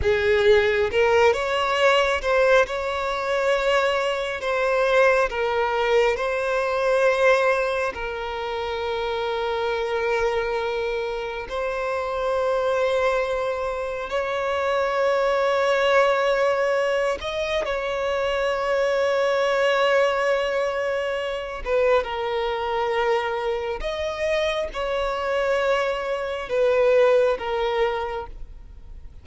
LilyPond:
\new Staff \with { instrumentName = "violin" } { \time 4/4 \tempo 4 = 68 gis'4 ais'8 cis''4 c''8 cis''4~ | cis''4 c''4 ais'4 c''4~ | c''4 ais'2.~ | ais'4 c''2. |
cis''2.~ cis''8 dis''8 | cis''1~ | cis''8 b'8 ais'2 dis''4 | cis''2 b'4 ais'4 | }